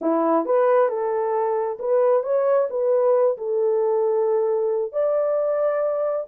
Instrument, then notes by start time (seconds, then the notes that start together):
horn
0.01 E4
0.45 B4
0.88 A4
1.79 B4
2.23 C#5
2.70 B4
3.37 A4
4.92 D5